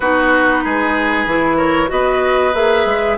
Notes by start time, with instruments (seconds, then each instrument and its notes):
0.00 bassoon B3, clarinet D#4, oboe F#4, flute B4
0.64 bassoon G#3, oboe G#4
1.26 bassoon E3, clarinet E4
1.56 oboe A#4, flute C#5
1.88 bassoon B3, clarinet F#4, oboe B4, flute D#5
2.54 bassoon A#3, clarinet G#4, flute E5
2.85 bassoon G#3